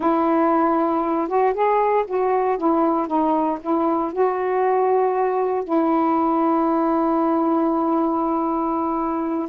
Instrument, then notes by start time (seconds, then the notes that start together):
saxophone
0.00 E4
1.28 F#4
1.53 G#4
2.07 F#4
2.57 E4
3.07 D#4
3.61 E4
4.12 F#4
5.63 E4